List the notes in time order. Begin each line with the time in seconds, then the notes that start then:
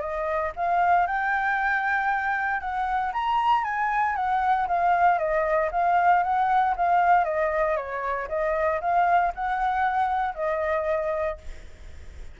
0.00 D#5
0.56 F5
1.07 G5
2.60 F#5
3.13 A#5
3.64 G#5
4.15 F#5
4.67 F5
5.18 D#5
5.71 F5
6.23 F#5
6.76 F5
7.24 D#5
7.76 C#5
8.28 D#5
8.81 F5
9.35 F#5
10.34 D#5